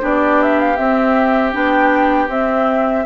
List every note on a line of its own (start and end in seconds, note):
0.00 0.78 B3
0.00 0.76 D4
0.00 3.05 G4
0.00 0.42 D5
0.42 0.59 E5
0.59 0.76 F5
0.76 1.52 C4
0.76 1.54 C4
0.76 1.52 E5
1.52 2.28 B3
1.52 2.28 D4
1.52 2.30 G5
2.28 3.04 C4
2.28 3.05 C4
2.28 3.06 E5